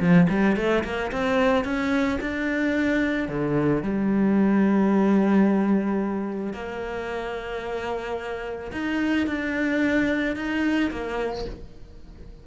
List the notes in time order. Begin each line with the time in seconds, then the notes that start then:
0.00 F3
0.29 G3
0.57 A3
0.84 A#3
1.12 C4
1.64 C#4
2.21 D4
3.29 D3
3.83 G3
6.53 A#3
8.72 D#4
9.27 D4
10.36 D#4
10.91 A#3